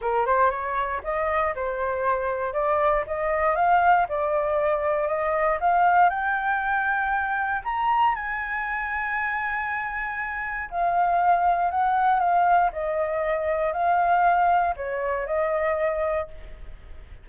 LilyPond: \new Staff \with { instrumentName = "flute" } { \time 4/4 \tempo 4 = 118 ais'8 c''8 cis''4 dis''4 c''4~ | c''4 d''4 dis''4 f''4 | d''2 dis''4 f''4 | g''2. ais''4 |
gis''1~ | gis''4 f''2 fis''4 | f''4 dis''2 f''4~ | f''4 cis''4 dis''2 | }